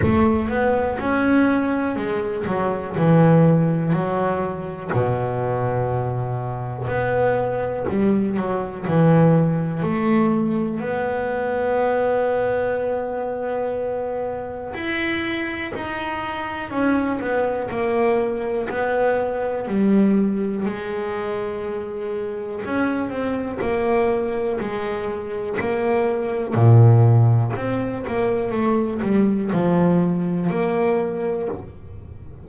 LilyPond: \new Staff \with { instrumentName = "double bass" } { \time 4/4 \tempo 4 = 61 a8 b8 cis'4 gis8 fis8 e4 | fis4 b,2 b4 | g8 fis8 e4 a4 b4~ | b2. e'4 |
dis'4 cis'8 b8 ais4 b4 | g4 gis2 cis'8 c'8 | ais4 gis4 ais4 ais,4 | c'8 ais8 a8 g8 f4 ais4 | }